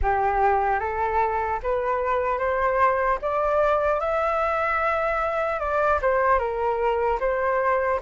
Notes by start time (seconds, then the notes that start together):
0.02 G4
0.79 A4
1.63 B4
2.38 C5
3.21 D5
4.00 E5
5.59 D5
6.01 C5
6.38 A#4
7.20 C5